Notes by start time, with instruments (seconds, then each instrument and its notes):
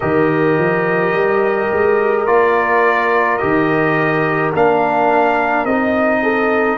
0.00 tuba D#3, trombone G4, horn A#4, trumpet D#5
0.58 tuba F3
1.12 tuba G3
1.72 tuba G#3
2.26 tuba A#3, trombone F4, trumpet D5
3.37 tuba D#3, trombone G4, trumpet D#5
4.53 tuba A#3, trombone D4, trumpet F5
5.64 tuba C4, trombone D#4, trumpet D#5
6.22 horn A4